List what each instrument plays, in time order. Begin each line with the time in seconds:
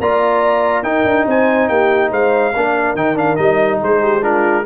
0.00 tuba A#3, trombone F4, horn D5, trumpet A#5
0.83 tuba D#4, trombone D#4, horn A#4, trumpet G5
1.05 tuba D4
1.26 tuba C4, horn C5, trumpet G#5
1.69 tuba A#3, horn G4, trumpet G5
2.11 tuba G#3, horn C5, trumpet F5
2.54 tuba A#3, trombone D4, horn A#4
2.95 tuba D#3, trombone D#4, trumpet G5
3.15 trombone D4, trumpet F5
3.36 tuba G3, trombone D#4, trumpet D#5
3.83 tuba G#3, horn G#4, trumpet C5
4.02 horn G4
4.22 trombone D4, horn F4, trumpet A#4